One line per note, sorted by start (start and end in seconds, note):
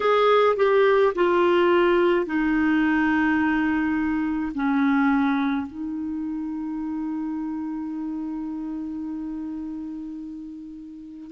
0.00 0.56 G#4
0.56 1.13 G4
1.15 2.26 F4
2.26 4.52 D#4
4.54 5.67 C#4
5.67 11.31 D#4